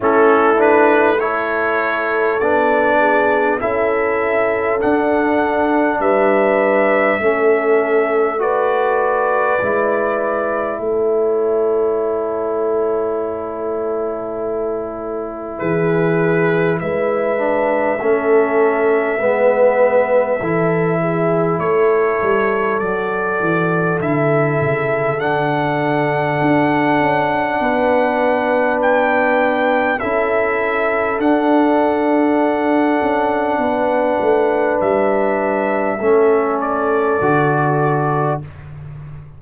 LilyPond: <<
  \new Staff \with { instrumentName = "trumpet" } { \time 4/4 \tempo 4 = 50 a'8 b'8 cis''4 d''4 e''4 | fis''4 e''2 d''4~ | d''4 cis''2.~ | cis''4 b'4 e''2~ |
e''2 cis''4 d''4 | e''4 fis''2. | g''4 e''4 fis''2~ | fis''4 e''4. d''4. | }
  \new Staff \with { instrumentName = "horn" } { \time 4/4 e'4 a'4. gis'8 a'4~ | a'4 b'4 a'4 b'4~ | b'4 a'2.~ | a'4 gis'4 b'4 a'4 |
b'4 a'8 gis'8 a'2~ | a'2. b'4~ | b'4 a'2. | b'2 a'2 | }
  \new Staff \with { instrumentName = "trombone" } { \time 4/4 cis'8 d'8 e'4 d'4 e'4 | d'2 cis'4 fis'4 | e'1~ | e'2~ e'8 d'8 cis'4 |
b4 e'2 fis'4 | e'4 d'2.~ | d'4 e'4 d'2~ | d'2 cis'4 fis'4 | }
  \new Staff \with { instrumentName = "tuba" } { \time 4/4 a2 b4 cis'4 | d'4 g4 a2 | gis4 a2.~ | a4 e4 gis4 a4 |
gis4 e4 a8 g8 fis8 e8 | d8 cis8 d4 d'8 cis'8 b4~ | b4 cis'4 d'4. cis'8 | b8 a8 g4 a4 d4 | }
>>